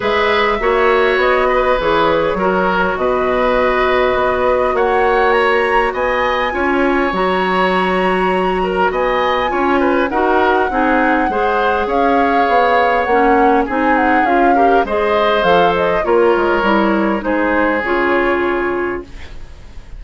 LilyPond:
<<
  \new Staff \with { instrumentName = "flute" } { \time 4/4 \tempo 4 = 101 e''2 dis''4 cis''4~ | cis''4 dis''2. | fis''4 ais''4 gis''2 | ais''2. gis''4~ |
gis''4 fis''2. | f''2 fis''4 gis''8 fis''8 | f''4 dis''4 f''8 dis''8 cis''4~ | cis''4 c''4 cis''2 | }
  \new Staff \with { instrumentName = "oboe" } { \time 4/4 b'4 cis''4. b'4. | ais'4 b'2. | cis''2 dis''4 cis''4~ | cis''2~ cis''8 ais'8 dis''4 |
cis''8 b'8 ais'4 gis'4 c''4 | cis''2. gis'4~ | gis'8 ais'8 c''2 ais'4~ | ais'4 gis'2. | }
  \new Staff \with { instrumentName = "clarinet" } { \time 4/4 gis'4 fis'2 gis'4 | fis'1~ | fis'2. f'4 | fis'1 |
f'4 fis'4 dis'4 gis'4~ | gis'2 cis'4 dis'4 | f'8 g'8 gis'4 a'4 f'4 | e'4 dis'4 f'2 | }
  \new Staff \with { instrumentName = "bassoon" } { \time 4/4 gis4 ais4 b4 e4 | fis4 b,2 b4 | ais2 b4 cis'4 | fis2. b4 |
cis'4 dis'4 c'4 gis4 | cis'4 b4 ais4 c'4 | cis'4 gis4 f4 ais8 gis8 | g4 gis4 cis2 | }
>>